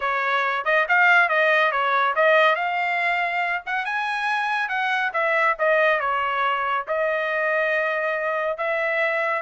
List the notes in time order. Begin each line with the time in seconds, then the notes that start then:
0.00 C#5
0.64 D#5
0.88 F5
1.29 D#5
1.71 C#5
2.15 D#5
2.55 F5
3.66 F#5
3.85 G#5
4.68 F#5
5.13 E5
5.59 D#5
6.00 C#5
6.87 D#5
8.57 E5